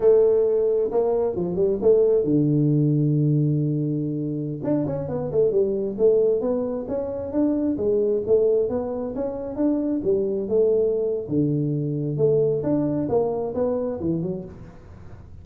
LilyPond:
\new Staff \with { instrumentName = "tuba" } { \time 4/4 \tempo 4 = 133 a2 ais4 f8 g8 | a4 d2.~ | d2~ d16 d'8 cis'8 b8 a16~ | a16 g4 a4 b4 cis'8.~ |
cis'16 d'4 gis4 a4 b8.~ | b16 cis'4 d'4 g4 a8.~ | a4 d2 a4 | d'4 ais4 b4 e8 fis8 | }